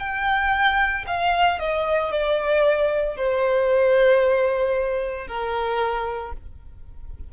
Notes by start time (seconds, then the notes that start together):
0.00 G5
1.07 F5
1.59 D#5
2.11 D5
3.17 C5
5.27 A#4